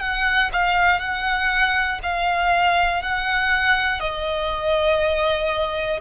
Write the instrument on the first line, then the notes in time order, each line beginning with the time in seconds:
violin
0.00 F#5
0.53 F5
1.00 F#5
2.03 F5
3.03 F#5
4.00 D#5